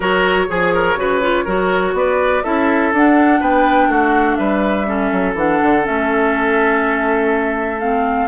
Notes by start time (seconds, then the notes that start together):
0.00 F#3 F#4 A#4 C#5
0.47 F3 G#4
0.74 A#4
0.95 C#3 F#4 B4
1.21 F4
1.44 F#3 F#4 A#4
1.93 B3 B4 D5
2.43 C#4 E4 A4 E5
2.93 D4 F#5
3.40 B3 B4 G5
3.88 A3 F#4 F#5
4.35 G3 B4 E5
4.86 C#4 A4
5.12 F#3
5.34 E3 D4 F#5
5.62 D3
5.83 A3 C#4 E5
7.79 C4 F5